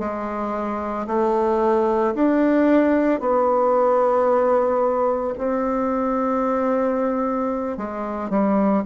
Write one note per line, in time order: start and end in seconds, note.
0.00 1.07 G#3
1.07 2.14 A3
2.15 3.20 D4
3.20 5.35 B3
5.38 7.78 C4
7.78 8.30 G#3
8.30 8.84 G3